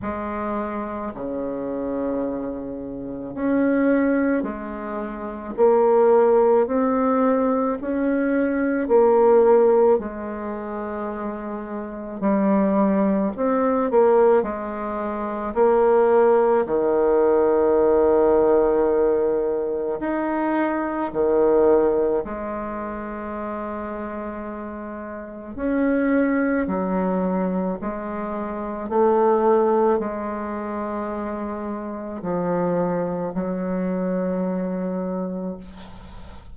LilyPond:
\new Staff \with { instrumentName = "bassoon" } { \time 4/4 \tempo 4 = 54 gis4 cis2 cis'4 | gis4 ais4 c'4 cis'4 | ais4 gis2 g4 | c'8 ais8 gis4 ais4 dis4~ |
dis2 dis'4 dis4 | gis2. cis'4 | fis4 gis4 a4 gis4~ | gis4 f4 fis2 | }